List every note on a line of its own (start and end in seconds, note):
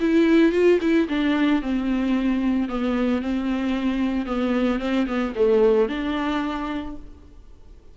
0.00 0.52 E4
0.52 0.79 F4
0.81 1.08 E4
1.08 1.62 D4
1.62 2.69 C4
2.69 3.22 B3
3.22 4.26 C4
4.26 4.79 B3
4.79 5.06 C4
5.07 5.34 B3
5.35 5.89 A3
5.89 6.96 D4